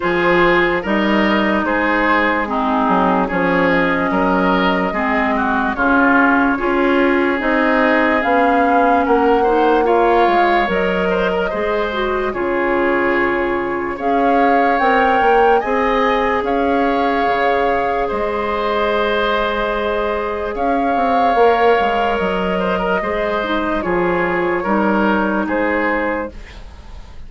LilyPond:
<<
  \new Staff \with { instrumentName = "flute" } { \time 4/4 \tempo 4 = 73 c''4 dis''4 c''4 gis'4 | cis''8 dis''2~ dis''8 cis''4~ | cis''4 dis''4 f''4 fis''4 | f''4 dis''2 cis''4~ |
cis''4 f''4 g''4 gis''4 | f''2 dis''2~ | dis''4 f''2 dis''4~ | dis''4 cis''2 c''4 | }
  \new Staff \with { instrumentName = "oboe" } { \time 4/4 gis'4 ais'4 gis'4 dis'4 | gis'4 ais'4 gis'8 fis'8 f'4 | gis'2. ais'8 c''8 | cis''4. c''16 ais'16 c''4 gis'4~ |
gis'4 cis''2 dis''4 | cis''2 c''2~ | c''4 cis''2~ cis''8 c''16 ais'16 | c''4 gis'4 ais'4 gis'4 | }
  \new Staff \with { instrumentName = "clarinet" } { \time 4/4 f'4 dis'2 c'4 | cis'2 c'4 cis'4 | f'4 dis'4 cis'4. dis'8 | f'4 ais'4 gis'8 fis'8 f'4~ |
f'4 gis'4 ais'4 gis'4~ | gis'1~ | gis'2 ais'2 | gis'8 dis'8 f'4 dis'2 | }
  \new Staff \with { instrumentName = "bassoon" } { \time 4/4 f4 g4 gis4. fis8 | f4 fis4 gis4 cis4 | cis'4 c'4 b4 ais4~ | ais8 gis8 fis4 gis4 cis4~ |
cis4 cis'4 c'8 ais8 c'4 | cis'4 cis4 gis2~ | gis4 cis'8 c'8 ais8 gis8 fis4 | gis4 f4 g4 gis4 | }
>>